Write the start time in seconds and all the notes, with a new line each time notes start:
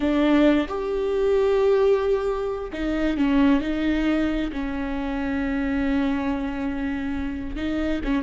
0.00 D4
0.68 G4
2.73 D#4
3.17 C#4
3.60 D#4
4.52 C#4
7.56 D#4
8.04 C#4